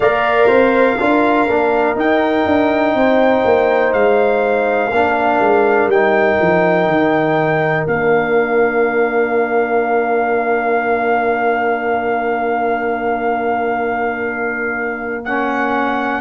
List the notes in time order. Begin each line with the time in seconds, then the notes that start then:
0.00 A#3 A#4 D5 F5
0.47 C4 C5
0.99 D4 F4 A#4
1.48 A#3 D4
1.95 D#4 G5
2.45 D4
2.94 C4 C5
3.44 A#3
3.92 G#3 F5
4.91 A#3 D4 A#4
5.40 G#3
5.87 G3 D#4 G5
6.41 F3
6.86 D#3
7.87 A#3 D4 F5
15.24 C#4 F#5